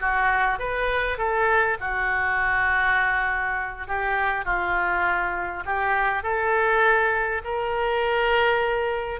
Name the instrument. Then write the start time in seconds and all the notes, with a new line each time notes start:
oboe
0.00 F#4
0.59 B4
1.18 A4
1.80 F#4
3.87 G4
4.45 F4
5.65 G4
6.23 A4
7.44 A#4